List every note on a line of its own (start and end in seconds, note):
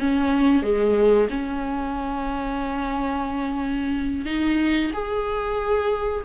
0.00 0.63 C#4
0.63 1.29 G#3
1.30 4.26 C#4
4.26 4.92 D#4
4.94 6.25 G#4